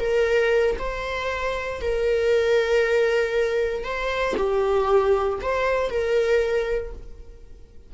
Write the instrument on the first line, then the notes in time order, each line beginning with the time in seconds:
viola
0.00 A#4
0.79 C5
1.82 A#4
3.84 C5
4.37 G4
5.42 C5
5.90 A#4